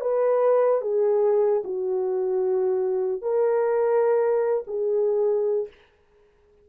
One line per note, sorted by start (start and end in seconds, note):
0.00 0.81 B4
0.81 1.62 G#4
1.64 3.21 F#4
3.21 4.63 A#4
4.66 5.68 G#4